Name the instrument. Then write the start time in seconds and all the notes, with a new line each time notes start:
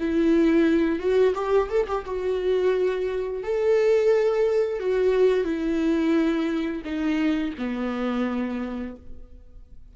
viola
0.00 E4
1.00 F#4
1.35 G4
1.70 A4
1.88 G4
2.06 F#4
3.44 A4
4.80 F#4
5.45 E4
6.85 D#4
7.58 B3